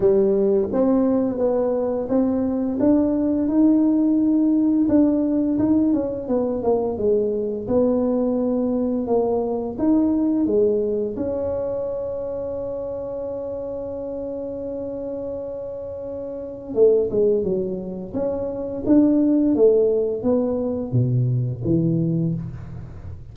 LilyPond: \new Staff \with { instrumentName = "tuba" } { \time 4/4 \tempo 4 = 86 g4 c'4 b4 c'4 | d'4 dis'2 d'4 | dis'8 cis'8 b8 ais8 gis4 b4~ | b4 ais4 dis'4 gis4 |
cis'1~ | cis'1 | a8 gis8 fis4 cis'4 d'4 | a4 b4 b,4 e4 | }